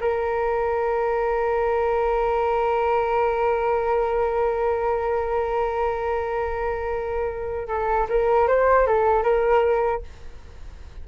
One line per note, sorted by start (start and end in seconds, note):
0.00 7.68 A#4
7.68 8.07 A4
8.09 8.48 A#4
8.48 8.86 C5
8.86 9.23 A4
9.23 10.02 A#4